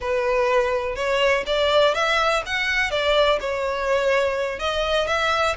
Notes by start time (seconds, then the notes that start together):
0.00 B4
0.95 C#5
1.46 D5
1.94 E5
2.45 F#5
2.90 D5
3.40 C#5
4.59 D#5
5.07 E5